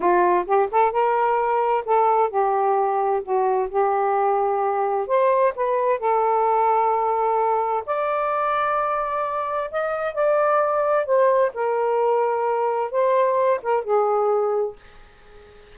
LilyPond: \new Staff \with { instrumentName = "saxophone" } { \time 4/4 \tempo 4 = 130 f'4 g'8 a'8 ais'2 | a'4 g'2 fis'4 | g'2. c''4 | b'4 a'2.~ |
a'4 d''2.~ | d''4 dis''4 d''2 | c''4 ais'2. | c''4. ais'8 gis'2 | }